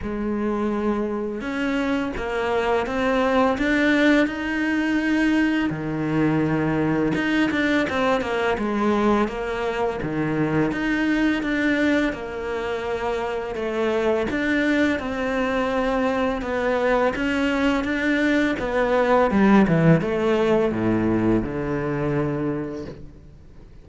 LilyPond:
\new Staff \with { instrumentName = "cello" } { \time 4/4 \tempo 4 = 84 gis2 cis'4 ais4 | c'4 d'4 dis'2 | dis2 dis'8 d'8 c'8 ais8 | gis4 ais4 dis4 dis'4 |
d'4 ais2 a4 | d'4 c'2 b4 | cis'4 d'4 b4 g8 e8 | a4 a,4 d2 | }